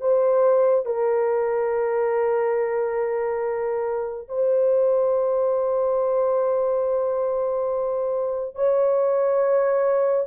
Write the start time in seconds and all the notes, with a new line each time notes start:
0.00 C5
0.86 A#4
4.28 C5
8.55 C#5